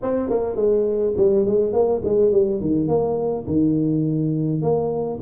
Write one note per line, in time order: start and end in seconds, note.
0.02 0.29 C4
0.29 0.55 A#3
0.55 1.13 G#3
1.17 1.46 G3
1.46 1.72 G#3
1.72 2.01 A#3
2.04 2.31 G#3
2.31 2.60 G3
2.61 2.88 D#3
2.88 3.45 A#3
3.46 4.62 D#3
4.62 5.19 A#3